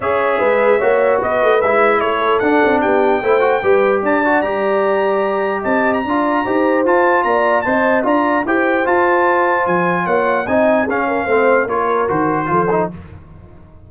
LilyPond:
<<
  \new Staff \with { instrumentName = "trumpet" } { \time 4/4 \tempo 4 = 149 e''2. dis''4 | e''4 cis''4 fis''4 g''4~ | g''2 a''4 ais''4~ | ais''2 a''8. ais''4~ ais''16~ |
ais''4 a''4 ais''4 a''4 | ais''4 g''4 a''2 | gis''4 fis''4 gis''4 f''4~ | f''4 cis''4 c''2 | }
  \new Staff \with { instrumentName = "horn" } { \time 4/4 cis''4 b'4 cis''4 b'4~ | b'4 a'2 g'4 | c''4 b'4 d''2~ | d''2 dis''4 d''4 |
c''2 d''4 dis''4 | d''4 c''2.~ | c''4 cis''4 dis''4 gis'8 ais'8 | c''4 ais'2 a'4 | }
  \new Staff \with { instrumentName = "trombone" } { \time 4/4 gis'2 fis'2 | e'2 d'2 | e'8 fis'8 g'4. fis'8 g'4~ | g'2. f'4 |
g'4 f'2 c''4 | f'4 g'4 f'2~ | f'2 dis'4 cis'4 | c'4 f'4 fis'4 f'8 dis'8 | }
  \new Staff \with { instrumentName = "tuba" } { \time 4/4 cis'4 gis4 ais4 b8 a8 | gis4 a4 d'8 c'8 b4 | a4 g4 d'4 g4~ | g2 c'4 d'4 |
dis'4 f'4 ais4 c'4 | d'4 e'4 f'2 | f4 ais4 c'4 cis'4 | a4 ais4 dis4 f4 | }
>>